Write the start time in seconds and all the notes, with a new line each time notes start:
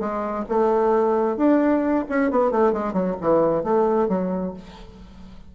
0.00 G#3
0.49 A3
1.37 D4
2.10 C#4
2.31 B3
2.51 A3
2.73 G#3
2.93 F#3
3.21 E3
3.64 A3
4.09 F#3